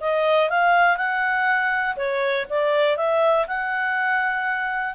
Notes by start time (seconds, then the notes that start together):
0.00 D#5
0.49 F5
0.96 F#5
1.96 C#5
2.50 D5
2.97 E5
3.47 F#5